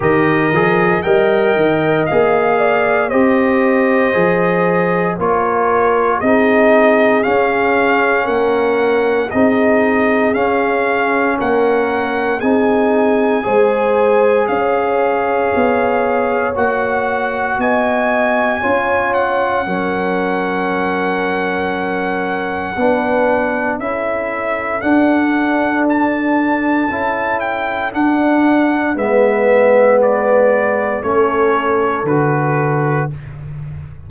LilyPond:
<<
  \new Staff \with { instrumentName = "trumpet" } { \time 4/4 \tempo 4 = 58 dis''4 g''4 f''4 dis''4~ | dis''4 cis''4 dis''4 f''4 | fis''4 dis''4 f''4 fis''4 | gis''2 f''2 |
fis''4 gis''4. fis''4.~ | fis''2. e''4 | fis''4 a''4. g''8 fis''4 | e''4 d''4 cis''4 b'4 | }
  \new Staff \with { instrumentName = "horn" } { \time 4/4 ais'4 dis''4. d''8 c''4~ | c''4 ais'4 gis'2 | ais'4 gis'2 ais'4 | gis'4 c''4 cis''2~ |
cis''4 dis''4 cis''4 ais'4~ | ais'2 b'4 a'4~ | a'1 | b'2 a'2 | }
  \new Staff \with { instrumentName = "trombone" } { \time 4/4 g'8 gis'8 ais'4 gis'4 g'4 | gis'4 f'4 dis'4 cis'4~ | cis'4 dis'4 cis'2 | dis'4 gis'2. |
fis'2 f'4 cis'4~ | cis'2 d'4 e'4 | d'2 e'4 d'4 | b2 cis'4 fis'4 | }
  \new Staff \with { instrumentName = "tuba" } { \time 4/4 dis8 f8 g8 dis8 ais4 c'4 | f4 ais4 c'4 cis'4 | ais4 c'4 cis'4 ais4 | c'4 gis4 cis'4 b4 |
ais4 b4 cis'4 fis4~ | fis2 b4 cis'4 | d'2 cis'4 d'4 | gis2 a4 d4 | }
>>